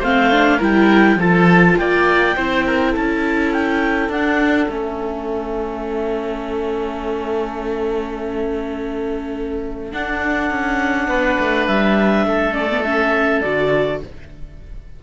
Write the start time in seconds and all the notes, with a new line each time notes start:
0.00 A3 C4 C5 F5
0.32 D4
0.58 G3 E4 A#4 G5
1.16 F3 F4 A4 A5
1.78 A#3 D5 G5
2.36 C4 E4 C5
2.67 A#4
2.92 C#4 A4 A5
3.53 G5
4.09 D4 F#5
4.69 A3 C#4 E5
9.92 D4 F#5
10.51 C#4
11.08 B3 B4
11.39 A3
11.68 G3 E5
12.26 A3 A4
12.52 C#4 D5
12.71 B3
12.83 C#4 E5
13.42 D3 F#4 D5